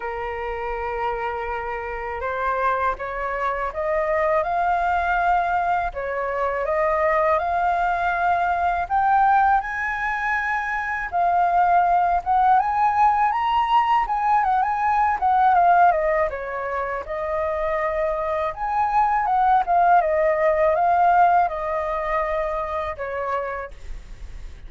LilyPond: \new Staff \with { instrumentName = "flute" } { \time 4/4 \tempo 4 = 81 ais'2. c''4 | cis''4 dis''4 f''2 | cis''4 dis''4 f''2 | g''4 gis''2 f''4~ |
f''8 fis''8 gis''4 ais''4 gis''8 fis''16 gis''16~ | gis''8 fis''8 f''8 dis''8 cis''4 dis''4~ | dis''4 gis''4 fis''8 f''8 dis''4 | f''4 dis''2 cis''4 | }